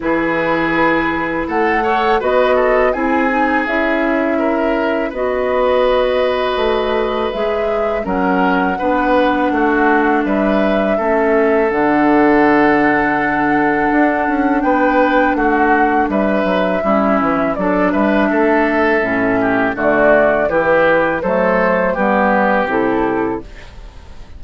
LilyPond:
<<
  \new Staff \with { instrumentName = "flute" } { \time 4/4 \tempo 4 = 82 b'2 fis''4 dis''4 | gis''4 e''2 dis''4~ | dis''2 e''4 fis''4~ | fis''2 e''2 |
fis''1 | g''4 fis''4 e''2 | d''8 e''2~ e''8 d''4 | b'4 c''4 b'4 a'4 | }
  \new Staff \with { instrumentName = "oboe" } { \time 4/4 gis'2 a'8 cis''8 b'8 a'8 | gis'2 ais'4 b'4~ | b'2. ais'4 | b'4 fis'4 b'4 a'4~ |
a'1 | b'4 fis'4 b'4 e'4 | a'8 b'8 a'4. g'8 fis'4 | g'4 a'4 g'2 | }
  \new Staff \with { instrumentName = "clarinet" } { \time 4/4 e'2~ e'8 a'8 fis'4 | e'8 dis'8 e'2 fis'4~ | fis'2 gis'4 cis'4 | d'2. cis'4 |
d'1~ | d'2. cis'4 | d'2 cis'4 a4 | e'4 a4 b4 e'4 | }
  \new Staff \with { instrumentName = "bassoon" } { \time 4/4 e2 a4 b4 | c'4 cis'2 b4~ | b4 a4 gis4 fis4 | b4 a4 g4 a4 |
d2. d'8 cis'8 | b4 a4 g8 fis8 g8 e8 | fis8 g8 a4 a,4 d4 | e4 fis4 g4 c4 | }
>>